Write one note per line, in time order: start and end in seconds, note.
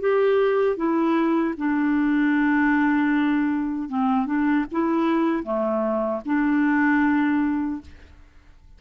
0.00 0.76 G4
0.76 1.54 E4
1.57 3.88 D4
3.88 4.26 C4
4.26 4.65 D4
4.71 5.43 E4
5.43 6.21 A3
6.25 7.81 D4